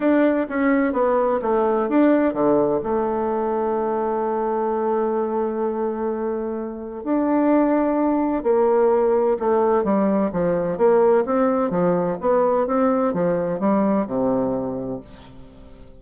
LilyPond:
\new Staff \with { instrumentName = "bassoon" } { \time 4/4 \tempo 4 = 128 d'4 cis'4 b4 a4 | d'4 d4 a2~ | a1~ | a2. d'4~ |
d'2 ais2 | a4 g4 f4 ais4 | c'4 f4 b4 c'4 | f4 g4 c2 | }